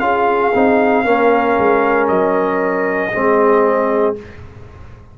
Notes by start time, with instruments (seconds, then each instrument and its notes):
0.00 tuba C#4, trombone F4, horn G#4, trumpet F5
0.54 tuba C4, trombone D#4
1.05 tuba A#3, trombone C#4, horn A#4
1.59 tuba G#3
2.08 tuba F#3, trumpet D#5
3.13 tuba G#3, trombone C4, horn G#4